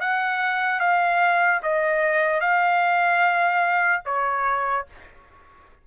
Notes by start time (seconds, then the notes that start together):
0.00 F#5
0.80 F5
1.62 D#5
2.40 F5
4.05 C#5